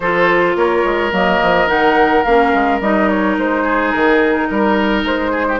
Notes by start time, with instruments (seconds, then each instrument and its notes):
0.00 bassoon F3, clarinet F4, oboe A4, flute C5
0.55 bassoon A#3, oboe A#4, flute C#5
0.84 bassoon G#3
1.12 bassoon F#3, clarinet A#3, flute D#5
1.42 bassoon F3
1.67 bassoon D#3, clarinet D#4, flute F#5
2.23 bassoon A#3, clarinet C#4, flute F5
2.54 bassoon G#3
2.80 bassoon G3, clarinet D#4, flute D#5
3.09 flute C#5
3.37 bassoon G#3, flute C5
3.63 oboe G#4
3.91 bassoon D#3, flute A#4
4.50 bassoon G3, oboe A#4
5.03 bassoon G#3, flute C5
5.31 oboe G#4
5.48 oboe G4